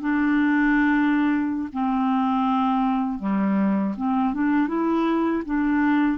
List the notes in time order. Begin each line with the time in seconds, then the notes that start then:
0.00 D4
1.72 C4
3.19 G3
3.97 C4
4.34 D4
4.68 E4
5.45 D4